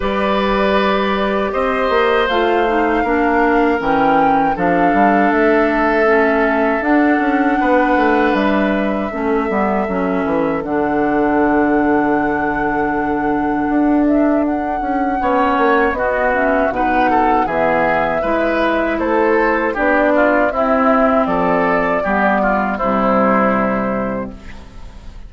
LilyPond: <<
  \new Staff \with { instrumentName = "flute" } { \time 4/4 \tempo 4 = 79 d''2 dis''4 f''4~ | f''4 g''4 f''4 e''4~ | e''4 fis''2 e''4~ | e''2 fis''2~ |
fis''2~ fis''8 e''8 fis''4~ | fis''4 dis''8 e''8 fis''4 e''4~ | e''4 c''4 d''4 e''4 | d''2 c''2 | }
  \new Staff \with { instrumentName = "oboe" } { \time 4/4 b'2 c''2 | ais'2 a'2~ | a'2 b'2 | a'1~ |
a'1 | cis''4 fis'4 b'8 a'8 gis'4 | b'4 a'4 g'8 f'8 e'4 | a'4 g'8 f'8 e'2 | }
  \new Staff \with { instrumentName = "clarinet" } { \time 4/4 g'2. f'8 dis'8 | d'4 cis'4 d'2 | cis'4 d'2. | cis'8 b8 cis'4 d'2~ |
d'1 | cis'4 b8 cis'8 dis'4 b4 | e'2 d'4 c'4~ | c'4 b4 g2 | }
  \new Staff \with { instrumentName = "bassoon" } { \time 4/4 g2 c'8 ais8 a4 | ais4 e4 f8 g8 a4~ | a4 d'8 cis'8 b8 a8 g4 | a8 g8 fis8 e8 d2~ |
d2 d'4. cis'8 | b8 ais8 b4 b,4 e4 | gis4 a4 b4 c'4 | f4 g4 c2 | }
>>